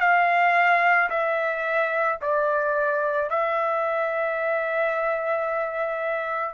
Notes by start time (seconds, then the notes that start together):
0.00 F5
1.10 E5
2.21 D5
3.30 E5